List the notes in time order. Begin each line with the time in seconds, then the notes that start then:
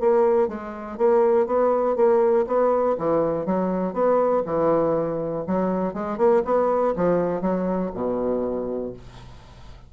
0.00 A#3
0.48 G#3
0.98 A#3
1.47 B3
1.96 A#3
2.47 B3
2.98 E3
3.46 F#3
3.93 B3
4.46 E3
5.47 F#3
5.94 G#3
6.17 A#3
6.45 B3
6.96 F3
7.41 F#3
7.94 B2